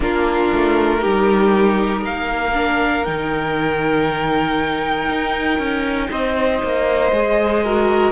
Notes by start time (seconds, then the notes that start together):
0.00 A#3 D4 F4 A#4
0.53 A3
0.99 G3 D#4 G4
2.00 A#3 A#4 F5
2.53 D4
3.05 D#3 D#4 G5
5.08 D#4
5.58 C#4
6.11 C4 C5 D#5
6.62 A#3
7.12 G#3 G#4
7.63 F#4 A#4